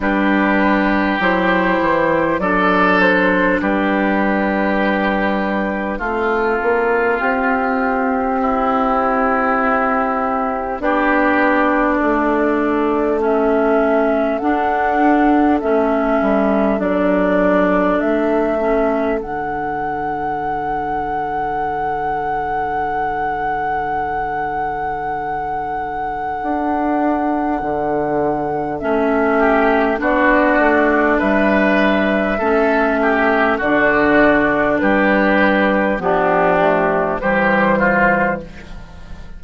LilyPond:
<<
  \new Staff \with { instrumentName = "flute" } { \time 4/4 \tempo 4 = 50 b'4 c''4 d''8 c''8 b'4~ | b'4 a'4 g'2~ | g'4 d''2 e''4 | fis''4 e''4 d''4 e''4 |
fis''1~ | fis''1 | e''4 d''4 e''2 | d''4 b'4 g'4 c''4 | }
  \new Staff \with { instrumentName = "oboe" } { \time 4/4 g'2 a'4 g'4~ | g'4 f'2 e'4~ | e'4 g'4 a'2~ | a'1~ |
a'1~ | a'1~ | a'8 g'8 fis'4 b'4 a'8 g'8 | fis'4 g'4 d'4 g'8 f'8 | }
  \new Staff \with { instrumentName = "clarinet" } { \time 4/4 d'4 e'4 d'2~ | d'4 c'2.~ | c'4 d'2 cis'4 | d'4 cis'4 d'4. cis'8 |
d'1~ | d'1 | cis'4 d'2 cis'4 | d'2 b8 a8 g4 | }
  \new Staff \with { instrumentName = "bassoon" } { \time 4/4 g4 fis8 e8 fis4 g4~ | g4 a8 ais8 c'2~ | c'4 b4 a2 | d'4 a8 g8 fis4 a4 |
d1~ | d2 d'4 d4 | a4 b8 a8 g4 a4 | d4 g4 f4 e4 | }
>>